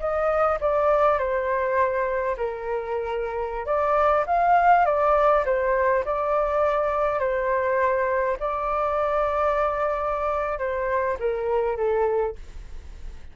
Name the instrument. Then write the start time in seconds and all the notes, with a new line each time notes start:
flute
0.00 D#5
0.61 D5
1.19 C5
2.37 A#4
3.66 D5
4.26 F5
4.85 D5
5.45 C5
6.05 D5
7.20 C5
8.40 D5
10.59 C5
11.20 A#4
11.77 A4